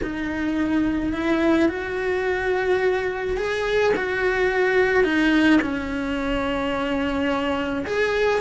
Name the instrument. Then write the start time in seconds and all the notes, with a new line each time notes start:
cello
0.03 D#4
1.12 E4
1.68 F#4
3.37 G#4
3.96 F#4
5.04 D#4
5.61 C#4
7.86 G#4